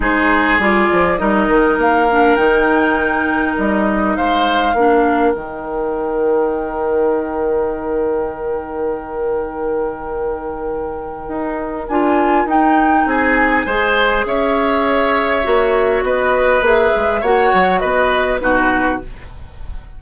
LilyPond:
<<
  \new Staff \with { instrumentName = "flute" } { \time 4/4 \tempo 4 = 101 c''4 d''4 dis''4 f''4 | g''2 dis''4 f''4~ | f''4 g''2.~ | g''1~ |
g''1 | gis''4 g''4 gis''2 | e''2. dis''4 | e''4 fis''4 dis''4 b'4 | }
  \new Staff \with { instrumentName = "oboe" } { \time 4/4 gis'2 ais'2~ | ais'2. c''4 | ais'1~ | ais'1~ |
ais'1~ | ais'2 gis'4 c''4 | cis''2. b'4~ | b'4 cis''4 b'4 fis'4 | }
  \new Staff \with { instrumentName = "clarinet" } { \time 4/4 dis'4 f'4 dis'4. d'8 | dis'1 | d'4 dis'2.~ | dis'1~ |
dis'1 | f'4 dis'2 gis'4~ | gis'2 fis'2 | gis'4 fis'2 dis'4 | }
  \new Staff \with { instrumentName = "bassoon" } { \time 4/4 gis4 g8 f8 g8 dis8 ais4 | dis2 g4 gis4 | ais4 dis2.~ | dis1~ |
dis2. dis'4 | d'4 dis'4 c'4 gis4 | cis'2 ais4 b4 | ais8 gis8 ais8 fis8 b4 b,4 | }
>>